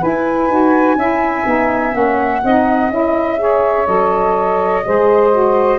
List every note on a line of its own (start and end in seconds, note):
0.00 0.49 E4
0.00 0.48 E4
0.00 0.97 B4
0.00 1.94 G#5
0.48 0.95 D#4
0.48 0.97 F#4
0.95 1.44 C#4
0.95 1.45 E4
0.95 2.43 E5
1.45 1.94 B3
1.45 1.92 D#4
1.92 2.42 A#3
1.92 2.40 C#4
1.92 2.91 F#5
2.44 2.90 C4
2.44 2.91 D#4
2.44 3.41 D#5
2.90 3.86 C#4
2.90 3.37 E4
2.90 3.86 E5
3.37 3.85 G#4
3.37 4.86 C#5
3.85 4.84 F#3
3.85 4.82 A4
3.85 5.79 D#5
4.84 5.79 G#3
4.84 5.31 G#4
4.84 5.79 C5
5.31 5.79 F#4